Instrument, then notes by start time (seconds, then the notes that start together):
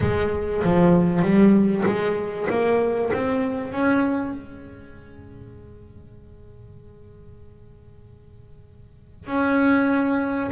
double bass
0.01 G#3
0.63 F3
1.22 G3
1.85 G#3
2.49 A#3
3.13 C4
3.72 C#4
4.32 G#3
9.26 C#4